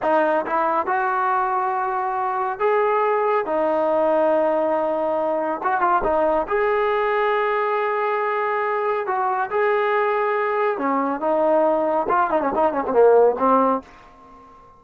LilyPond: \new Staff \with { instrumentName = "trombone" } { \time 4/4 \tempo 4 = 139 dis'4 e'4 fis'2~ | fis'2 gis'2 | dis'1~ | dis'4 fis'8 f'8 dis'4 gis'4~ |
gis'1~ | gis'4 fis'4 gis'2~ | gis'4 cis'4 dis'2 | f'8 dis'16 cis'16 dis'8 cis'16 c'16 ais4 c'4 | }